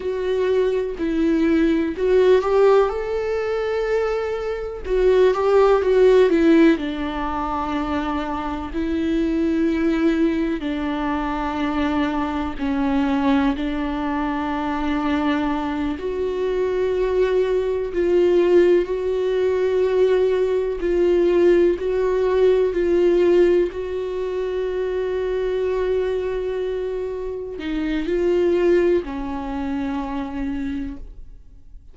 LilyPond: \new Staff \with { instrumentName = "viola" } { \time 4/4 \tempo 4 = 62 fis'4 e'4 fis'8 g'8 a'4~ | a'4 fis'8 g'8 fis'8 e'8 d'4~ | d'4 e'2 d'4~ | d'4 cis'4 d'2~ |
d'8 fis'2 f'4 fis'8~ | fis'4. f'4 fis'4 f'8~ | f'8 fis'2.~ fis'8~ | fis'8 dis'8 f'4 cis'2 | }